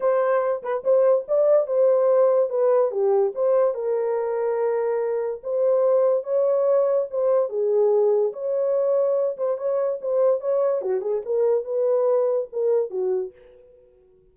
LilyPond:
\new Staff \with { instrumentName = "horn" } { \time 4/4 \tempo 4 = 144 c''4. b'8 c''4 d''4 | c''2 b'4 g'4 | c''4 ais'2.~ | ais'4 c''2 cis''4~ |
cis''4 c''4 gis'2 | cis''2~ cis''8 c''8 cis''4 | c''4 cis''4 fis'8 gis'8 ais'4 | b'2 ais'4 fis'4 | }